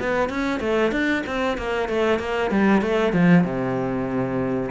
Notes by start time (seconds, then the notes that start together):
0.00 B3
0.30 C#4
0.60 A3
0.92 D4
1.27 C4
1.58 A#3
1.89 A3
2.19 A#3
2.51 G3
2.82 A3
3.13 F3
3.44 C3